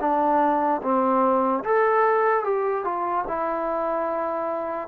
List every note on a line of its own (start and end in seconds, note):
0.00 0.81 D4
0.82 1.63 C4
1.64 2.44 A4
2.44 2.84 G4
2.84 3.24 F4
3.27 4.88 E4